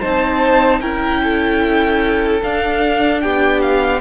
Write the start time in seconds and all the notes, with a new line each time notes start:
0.00 C4 D#4 C5 A5
0.81 C#4 E4 A#4 G5
1.24 A4
2.43 D4 F5
3.21 B3 G4 G5
3.62 F5